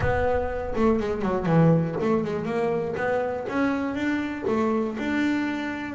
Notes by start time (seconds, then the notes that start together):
0.00 B3
0.75 A3
0.99 G#3
1.22 F#3
1.46 E3
2.00 A3
2.23 G#3
2.45 A#3
2.96 B3
3.48 C#4
3.94 D4
4.47 A3
4.98 D4